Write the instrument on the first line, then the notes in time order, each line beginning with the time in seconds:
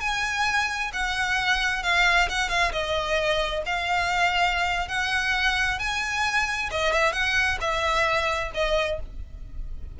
violin
0.00 G#5
0.93 F#5
1.83 F5
2.29 F#5
2.49 F5
2.72 D#5
3.66 F5
4.88 F#5
5.79 G#5
6.71 D#5
6.92 E5
7.13 F#5
7.60 E5
8.54 D#5